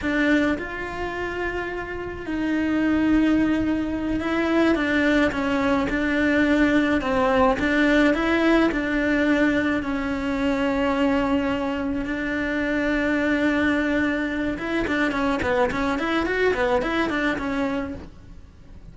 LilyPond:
\new Staff \with { instrumentName = "cello" } { \time 4/4 \tempo 4 = 107 d'4 f'2. | dis'2.~ dis'8 e'8~ | e'8 d'4 cis'4 d'4.~ | d'8 c'4 d'4 e'4 d'8~ |
d'4. cis'2~ cis'8~ | cis'4. d'2~ d'8~ | d'2 e'8 d'8 cis'8 b8 | cis'8 e'8 fis'8 b8 e'8 d'8 cis'4 | }